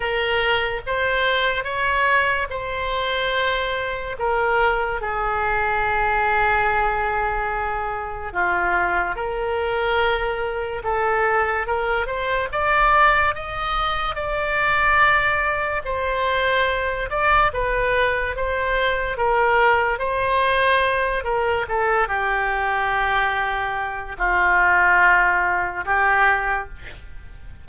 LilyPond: \new Staff \with { instrumentName = "oboe" } { \time 4/4 \tempo 4 = 72 ais'4 c''4 cis''4 c''4~ | c''4 ais'4 gis'2~ | gis'2 f'4 ais'4~ | ais'4 a'4 ais'8 c''8 d''4 |
dis''4 d''2 c''4~ | c''8 d''8 b'4 c''4 ais'4 | c''4. ais'8 a'8 g'4.~ | g'4 f'2 g'4 | }